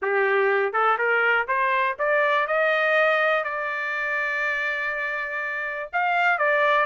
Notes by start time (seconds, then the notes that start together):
0.01 G4
0.72 A4
0.98 A#4
1.47 C5
1.99 D5
2.47 D#5
3.44 D5
5.93 F5
6.38 D5